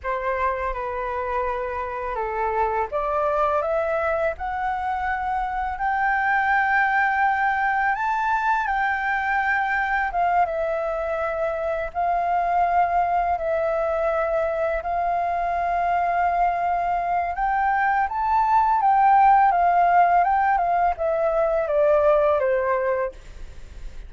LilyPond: \new Staff \with { instrumentName = "flute" } { \time 4/4 \tempo 4 = 83 c''4 b'2 a'4 | d''4 e''4 fis''2 | g''2. a''4 | g''2 f''8 e''4.~ |
e''8 f''2 e''4.~ | e''8 f''2.~ f''8 | g''4 a''4 g''4 f''4 | g''8 f''8 e''4 d''4 c''4 | }